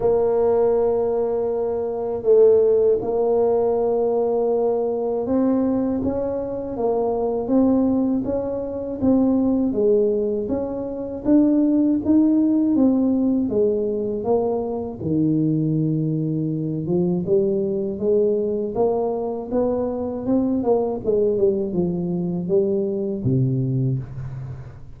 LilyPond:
\new Staff \with { instrumentName = "tuba" } { \time 4/4 \tempo 4 = 80 ais2. a4 | ais2. c'4 | cis'4 ais4 c'4 cis'4 | c'4 gis4 cis'4 d'4 |
dis'4 c'4 gis4 ais4 | dis2~ dis8 f8 g4 | gis4 ais4 b4 c'8 ais8 | gis8 g8 f4 g4 c4 | }